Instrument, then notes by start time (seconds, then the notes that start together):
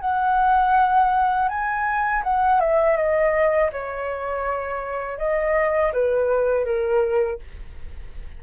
flute
0.00 F#5
1.48 G#5
2.23 F#5
2.60 E5
2.96 D#5
3.72 C#5
5.18 D#5
5.93 B4
6.65 A#4